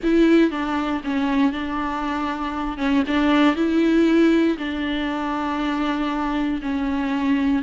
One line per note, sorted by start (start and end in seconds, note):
0.03 0.50 E4
0.50 1.01 D4
1.04 1.52 C#4
1.52 2.77 D4
2.77 3.03 C#4
3.07 3.55 D4
3.55 4.57 E4
4.58 6.61 D4
6.61 7.62 C#4